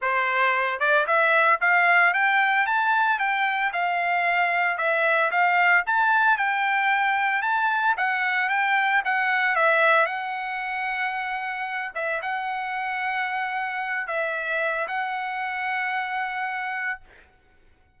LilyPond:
\new Staff \with { instrumentName = "trumpet" } { \time 4/4 \tempo 4 = 113 c''4. d''8 e''4 f''4 | g''4 a''4 g''4 f''4~ | f''4 e''4 f''4 a''4 | g''2 a''4 fis''4 |
g''4 fis''4 e''4 fis''4~ | fis''2~ fis''8 e''8 fis''4~ | fis''2~ fis''8 e''4. | fis''1 | }